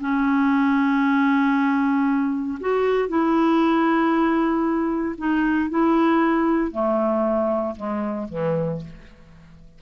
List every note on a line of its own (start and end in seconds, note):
0.00 2.59 C#4
2.61 3.08 F#4
3.08 5.15 E4
5.18 5.70 D#4
5.70 6.71 E4
6.71 7.75 A3
7.76 8.28 G#3
8.29 8.81 E3